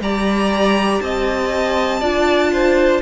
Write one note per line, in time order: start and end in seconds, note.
0.00 1.00 G3
0.00 2.01 G4
0.00 1.02 D5
0.00 1.01 A#5
1.01 2.01 C4
1.01 2.00 D#5
1.01 3.01 A5
2.00 3.01 D4
2.00 3.01 F4
2.00 2.50 D5
2.52 3.01 C5